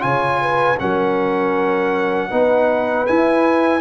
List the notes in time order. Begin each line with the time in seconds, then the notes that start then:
0.00 C#3 F4 C#5 G#5
0.41 B4
0.79 F#3 C#4 A#4 F#5
2.30 B3 D#4 B4
3.07 E4 G#5